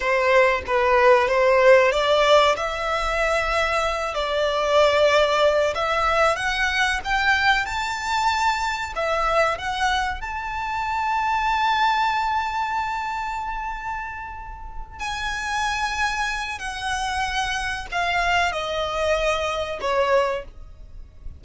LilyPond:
\new Staff \with { instrumentName = "violin" } { \time 4/4 \tempo 4 = 94 c''4 b'4 c''4 d''4 | e''2~ e''8 d''4.~ | d''4 e''4 fis''4 g''4 | a''2 e''4 fis''4 |
a''1~ | a''2.~ a''8 gis''8~ | gis''2 fis''2 | f''4 dis''2 cis''4 | }